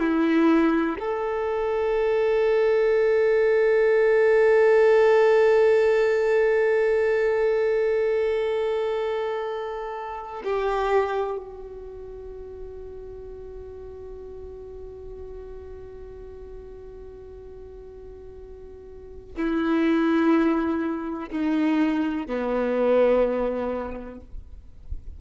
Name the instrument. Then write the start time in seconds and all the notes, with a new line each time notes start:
violin
0.00 E4
1.00 A4
10.44 G4
11.38 F#4
19.36 E4
21.30 D#4
22.27 B3